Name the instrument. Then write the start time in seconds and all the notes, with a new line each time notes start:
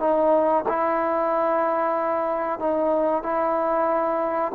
trombone
0.00 D#4
0.69 E4
2.60 D#4
3.23 E4